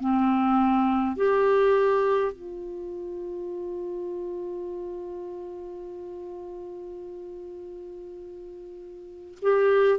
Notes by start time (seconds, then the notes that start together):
0.00 C4
1.17 G4
2.33 F4
9.42 G4